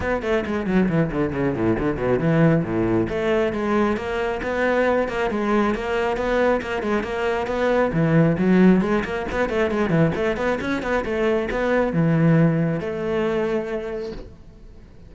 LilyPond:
\new Staff \with { instrumentName = "cello" } { \time 4/4 \tempo 4 = 136 b8 a8 gis8 fis8 e8 d8 cis8 a,8 | d8 b,8 e4 a,4 a4 | gis4 ais4 b4. ais8 | gis4 ais4 b4 ais8 gis8 |
ais4 b4 e4 fis4 | gis8 ais8 b8 a8 gis8 e8 a8 b8 | cis'8 b8 a4 b4 e4~ | e4 a2. | }